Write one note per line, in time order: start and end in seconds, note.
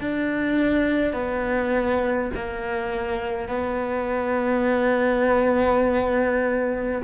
0.00 1.13 D4
1.13 2.30 B3
2.35 3.48 A#3
3.48 7.01 B3